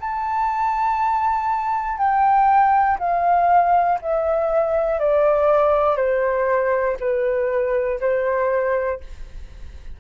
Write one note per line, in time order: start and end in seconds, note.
0.00 1.98 A5
1.98 2.98 G5
2.99 3.99 F5
4.02 5.00 E5
5.00 5.97 D5
5.97 6.97 C5
7.00 8.00 B4
8.00 9.00 C5